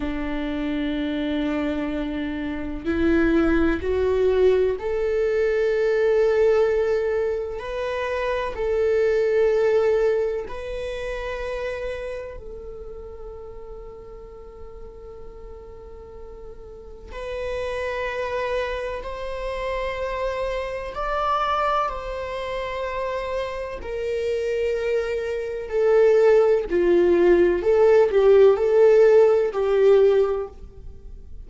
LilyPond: \new Staff \with { instrumentName = "viola" } { \time 4/4 \tempo 4 = 63 d'2. e'4 | fis'4 a'2. | b'4 a'2 b'4~ | b'4 a'2.~ |
a'2 b'2 | c''2 d''4 c''4~ | c''4 ais'2 a'4 | f'4 a'8 g'8 a'4 g'4 | }